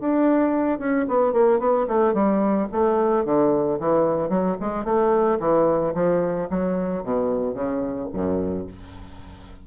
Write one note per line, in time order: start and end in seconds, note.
0.00 0.79 D4
0.79 1.06 C#4
1.08 1.33 B3
1.33 1.59 A#3
1.59 1.86 B3
1.88 2.14 A3
2.14 2.68 G3
2.72 3.25 A3
3.25 3.79 D3
3.80 4.29 E3
4.29 4.56 F#3
4.60 4.84 G#3
4.84 5.38 A3
5.40 5.94 E3
5.94 6.48 F3
6.50 7.03 F#3
7.03 7.54 B2
7.54 8.08 C#3
8.13 8.67 F#2